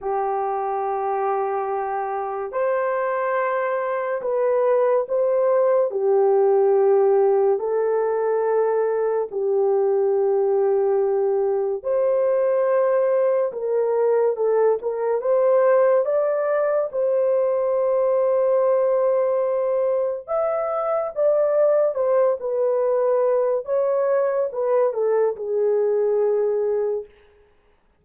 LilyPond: \new Staff \with { instrumentName = "horn" } { \time 4/4 \tempo 4 = 71 g'2. c''4~ | c''4 b'4 c''4 g'4~ | g'4 a'2 g'4~ | g'2 c''2 |
ais'4 a'8 ais'8 c''4 d''4 | c''1 | e''4 d''4 c''8 b'4. | cis''4 b'8 a'8 gis'2 | }